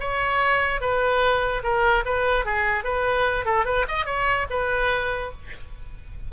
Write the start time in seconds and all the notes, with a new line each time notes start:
0.00 C#5
0.81 B4
1.63 A#4
2.05 B4
2.45 G#4
2.84 B4
3.45 A4
3.65 B4
3.88 D#5
4.06 C#5
4.50 B4